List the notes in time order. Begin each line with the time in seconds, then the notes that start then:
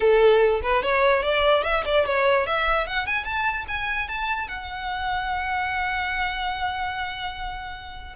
0.00 A4
0.62 B4
0.82 C#5
1.22 D5
1.63 E5
1.85 D5
2.05 C#5
2.46 E5
2.86 F#5
3.06 G#5
3.24 A5
3.68 G#5
4.08 A5
4.47 F#5